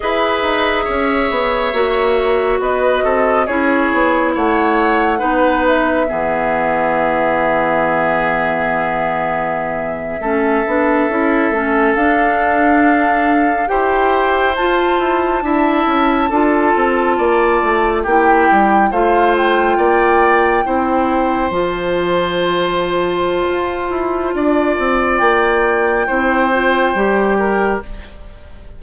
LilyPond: <<
  \new Staff \with { instrumentName = "flute" } { \time 4/4 \tempo 4 = 69 e''2. dis''4 | cis''4 fis''4. e''4.~ | e''1~ | e''4.~ e''16 f''2 g''16~ |
g''8. a''2.~ a''16~ | a''8. g''4 f''8 g''4.~ g''16~ | g''8. a''2.~ a''16~ | a''4 g''2. | }
  \new Staff \with { instrumentName = "oboe" } { \time 4/4 b'4 cis''2 b'8 a'8 | gis'4 cis''4 b'4 gis'4~ | gis'2.~ gis'8. a'16~ | a'2.~ a'8. c''16~ |
c''4.~ c''16 e''4 a'4 d''16~ | d''8. g'4 c''4 d''4 c''16~ | c''1 | d''2 c''4. ais'8 | }
  \new Staff \with { instrumentName = "clarinet" } { \time 4/4 gis'2 fis'2 | e'2 dis'4 b4~ | b2.~ b8. cis'16~ | cis'16 d'8 e'8 cis'8 d'2 g'16~ |
g'8. f'4 e'4 f'4~ f'16~ | f'8. e'4 f'2 e'16~ | e'8. f'2.~ f'16~ | f'2 e'8 f'8 g'4 | }
  \new Staff \with { instrumentName = "bassoon" } { \time 4/4 e'8 dis'8 cis'8 b8 ais4 b8 c'8 | cis'8 b8 a4 b4 e4~ | e2.~ e8. a16~ | a16 b8 cis'8 a8 d'2 e'16~ |
e'8. f'8 e'8 d'8 cis'8 d'8 c'8 ais16~ | ais16 a8 ais8 g8 a4 ais4 c'16~ | c'8. f2~ f16 f'8 e'8 | d'8 c'8 ais4 c'4 g4 | }
>>